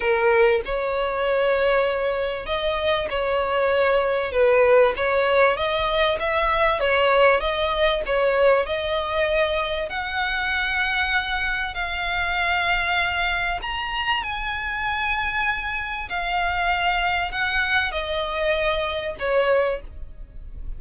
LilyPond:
\new Staff \with { instrumentName = "violin" } { \time 4/4 \tempo 4 = 97 ais'4 cis''2. | dis''4 cis''2 b'4 | cis''4 dis''4 e''4 cis''4 | dis''4 cis''4 dis''2 |
fis''2. f''4~ | f''2 ais''4 gis''4~ | gis''2 f''2 | fis''4 dis''2 cis''4 | }